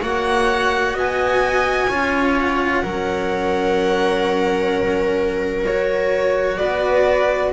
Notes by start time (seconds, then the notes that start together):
0.00 A#3 F#4 C#5 F#5
0.94 B3 D#5 G#5
1.88 C#4 F4 C#5
2.39 F#5
2.82 F#3 C#4 A#4
5.65 F#4 C#5
6.57 B3 B4 D5